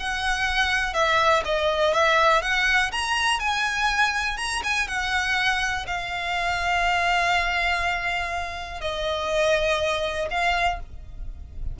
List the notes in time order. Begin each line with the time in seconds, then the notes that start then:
0.00 F#5
0.94 E5
1.45 D#5
1.94 E5
2.42 F#5
2.92 A#5
3.40 G#5
4.38 A#5
4.64 G#5
4.88 F#5
5.87 F5
8.81 D#5
10.31 F5